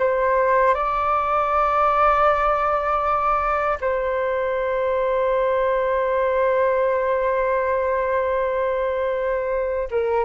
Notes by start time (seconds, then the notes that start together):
0.00 C5
0.75 D5
3.81 C5
9.91 A#4